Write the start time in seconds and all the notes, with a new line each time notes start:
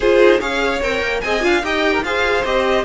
0.00 F4 G#4 C5
0.19 D#4
0.40 C#4 G#4 C#5 F5
0.82 C4 A#4 G5
1.01 A#3
1.20 C4 G#4 D#5 G#5
1.40 D4 F4 F5
1.62 D#4 G4 D#5 G5
1.92 A#4
2.02 F4 G#4 C5 F5
2.44 C4 G4 D#5